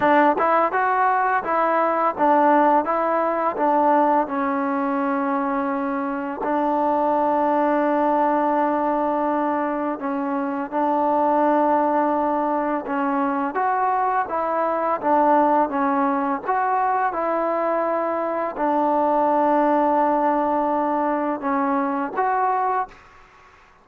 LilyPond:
\new Staff \with { instrumentName = "trombone" } { \time 4/4 \tempo 4 = 84 d'8 e'8 fis'4 e'4 d'4 | e'4 d'4 cis'2~ | cis'4 d'2.~ | d'2 cis'4 d'4~ |
d'2 cis'4 fis'4 | e'4 d'4 cis'4 fis'4 | e'2 d'2~ | d'2 cis'4 fis'4 | }